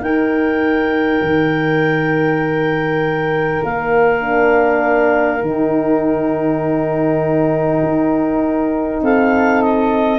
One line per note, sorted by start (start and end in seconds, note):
0.00 1.20 D#4
0.00 4.21 D#4
0.00 9.02 A#4
0.00 3.62 G5
1.21 3.61 D#3
3.64 5.42 A#3
3.64 5.44 F5
4.21 5.40 D4
5.40 7.82 D#3
5.40 10.19 D#4
5.40 9.04 G5
7.83 9.01 D#4
9.01 10.19 C4
9.01 10.19 A4
9.01 9.62 F5
9.62 10.19 D#5